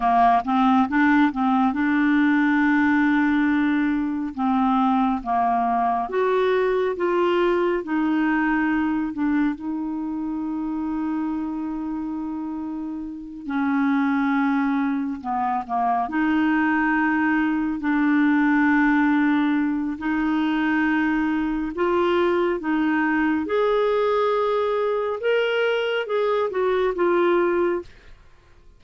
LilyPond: \new Staff \with { instrumentName = "clarinet" } { \time 4/4 \tempo 4 = 69 ais8 c'8 d'8 c'8 d'2~ | d'4 c'4 ais4 fis'4 | f'4 dis'4. d'8 dis'4~ | dis'2.~ dis'8 cis'8~ |
cis'4. b8 ais8 dis'4.~ | dis'8 d'2~ d'8 dis'4~ | dis'4 f'4 dis'4 gis'4~ | gis'4 ais'4 gis'8 fis'8 f'4 | }